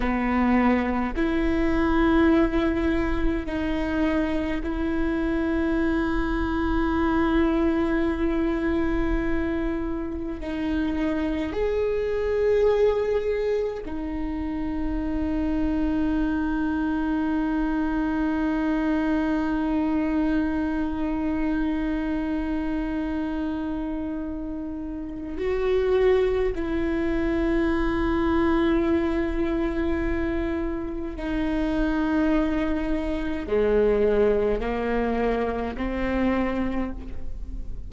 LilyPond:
\new Staff \with { instrumentName = "viola" } { \time 4/4 \tempo 4 = 52 b4 e'2 dis'4 | e'1~ | e'4 dis'4 gis'2 | dis'1~ |
dis'1~ | dis'2 fis'4 e'4~ | e'2. dis'4~ | dis'4 gis4 ais4 c'4 | }